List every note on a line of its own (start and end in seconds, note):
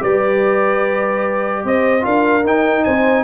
0.00 1.64 G3
0.00 2.01 G4
0.00 1.64 B4
0.00 1.66 D5
1.64 2.05 C4
1.64 2.05 C5
1.64 2.05 D#5
2.01 2.44 D4
2.01 2.41 F4
2.01 2.84 A#4
2.01 2.46 F5
2.44 2.85 D#4
2.44 3.24 D#4
2.44 2.84 G5
2.84 3.24 C4
2.84 3.24 C5
2.84 3.24 G#5